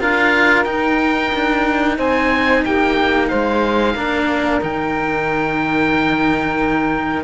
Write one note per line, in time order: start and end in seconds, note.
0.00 0.66 D4
0.00 0.65 F4
0.00 1.98 A#4
0.00 0.64 F5
0.64 3.95 D#4
0.64 1.32 D#4
0.64 1.96 G5
1.34 1.99 D4
1.98 2.65 C4
1.98 2.63 C5
1.98 2.65 G#5
2.63 3.32 A#3
2.63 3.29 G4
2.63 3.28 G5
3.28 3.95 G#3
3.28 3.95 C5
3.28 4.60 F5
3.95 4.61 A#3
3.95 4.61 D4
3.95 7.24 A#4
4.61 7.24 D#3
4.61 7.24 D#4
4.61 7.24 G5